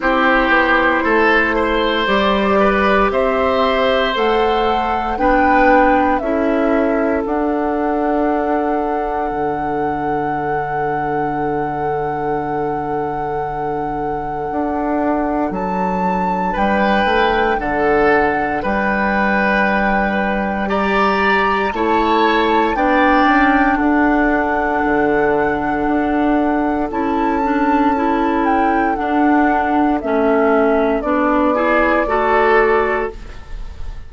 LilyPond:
<<
  \new Staff \with { instrumentName = "flute" } { \time 4/4 \tempo 4 = 58 c''2 d''4 e''4 | fis''4 g''4 e''4 fis''4~ | fis''1~ | fis''2. a''4 |
g''4 fis''4 g''2 | ais''4 a''4 g''4 fis''4~ | fis''2 a''4. g''8 | fis''4 e''4 d''2 | }
  \new Staff \with { instrumentName = "oboe" } { \time 4/4 g'4 a'8 c''4 b'8 c''4~ | c''4 b'4 a'2~ | a'1~ | a'1 |
b'4 a'4 b'2 | d''4 cis''4 d''4 a'4~ | a'1~ | a'2~ a'8 gis'8 a'4 | }
  \new Staff \with { instrumentName = "clarinet" } { \time 4/4 e'2 g'2 | a'4 d'4 e'4 d'4~ | d'1~ | d'1~ |
d'1 | g'4 e'4 d'2~ | d'2 e'8 d'8 e'4 | d'4 cis'4 d'8 e'8 fis'4 | }
  \new Staff \with { instrumentName = "bassoon" } { \time 4/4 c'8 b8 a4 g4 c'4 | a4 b4 cis'4 d'4~ | d'4 d2.~ | d2 d'4 fis4 |
g8 a8 d4 g2~ | g4 a4 b8 cis'8 d'4 | d4 d'4 cis'2 | d'4 a4 b4 a4 | }
>>